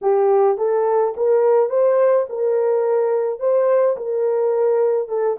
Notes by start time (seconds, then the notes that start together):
0.01 G4
0.57 A4
1.16 A#4
1.69 C5
2.29 A#4
3.39 C5
3.96 A#4
5.08 A4